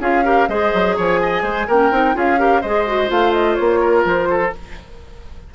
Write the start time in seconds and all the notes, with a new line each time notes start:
0.00 C#4 F4 G#4 F5
0.24 G4 A#4
0.48 G#3 G#4 C5 D#5
0.74 F#3
0.96 F3 C#5 G#5
1.22 D#5
1.42 G#3 C5
1.67 A#3 C#4 A#4 G5
1.91 C4 D#4
2.13 C#4 F4 G#4 F5
2.37 G4 A#4
2.60 G#3 G#4 C5 D#5
2.86 F#4
3.07 A3 F4 F5
3.32 D#5
3.55 A#3 C#5
3.80 A#4
4.04 F3 C5
4.30 A4